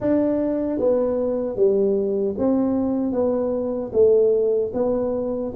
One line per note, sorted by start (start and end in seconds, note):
0.00 0.79 D4
0.79 1.56 B3
1.56 2.35 G3
2.38 3.12 C4
3.12 3.91 B3
3.93 4.72 A3
4.73 5.52 B3